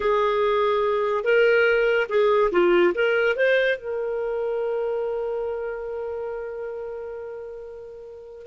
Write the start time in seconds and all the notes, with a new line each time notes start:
0.00 G#4
1.24 A#4
2.09 G#4
2.51 F4
2.94 A#4
3.36 C5
3.77 A#4